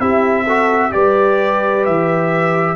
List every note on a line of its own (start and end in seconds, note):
0.00 0.92 C4
0.00 0.47 E4
0.00 0.44 G4
0.00 0.92 E5
0.44 0.92 F#4
0.44 0.90 A4
0.92 1.87 G3
0.92 2.76 G4
0.92 2.76 B4
0.92 1.85 D5
1.86 2.76 E3
1.86 2.76 E5